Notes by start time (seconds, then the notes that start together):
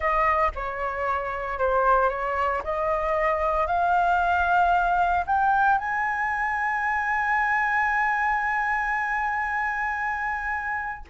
0.00 D#5
0.55 C#5
1.58 C5
2.09 C#5
2.63 D#5
3.67 F5
5.26 G5
5.78 G#5